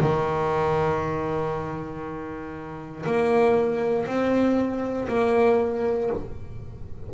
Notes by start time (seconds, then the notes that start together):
0.00 D#3
3.06 A#3
4.06 C4
5.08 A#3